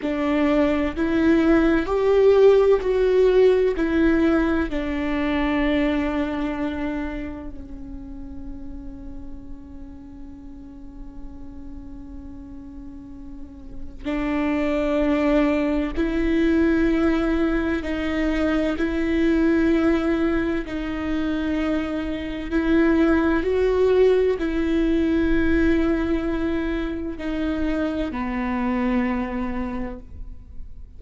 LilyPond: \new Staff \with { instrumentName = "viola" } { \time 4/4 \tempo 4 = 64 d'4 e'4 g'4 fis'4 | e'4 d'2. | cis'1~ | cis'2. d'4~ |
d'4 e'2 dis'4 | e'2 dis'2 | e'4 fis'4 e'2~ | e'4 dis'4 b2 | }